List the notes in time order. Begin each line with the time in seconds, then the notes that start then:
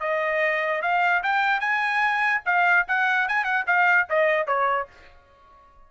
0.00 D#5
0.82 F5
1.23 G5
1.60 G#5
2.45 F5
2.88 F#5
3.28 G#5
3.44 F#5
3.67 F5
4.09 D#5
4.47 C#5